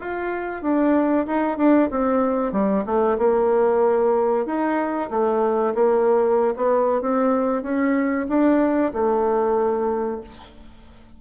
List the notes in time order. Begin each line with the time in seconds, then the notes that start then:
0.00 F4
0.62 D4
1.26 D#4
1.57 D4
1.90 C4
2.52 G3
2.85 A3
3.18 A#3
4.46 D#4
5.10 A3
5.74 A#3
6.56 B3
7.01 C4
7.62 C#4
8.28 D4
8.93 A3